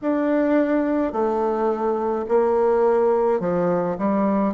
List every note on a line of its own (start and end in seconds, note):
0.01 1.12 D4
1.12 2.25 A3
2.28 3.40 A#3
3.40 3.96 F3
3.97 4.53 G3